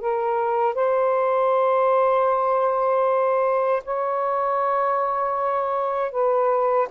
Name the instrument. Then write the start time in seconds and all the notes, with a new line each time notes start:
saxophone
0.00 A#4
0.74 C5
3.84 C#5
6.11 B4